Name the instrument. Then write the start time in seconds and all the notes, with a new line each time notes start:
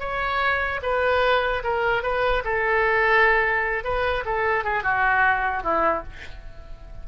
oboe
0.00 C#5
0.83 B4
1.64 A#4
2.03 B4
2.45 A4
3.84 B4
4.25 A4
4.64 G#4
4.83 F#4
5.63 E4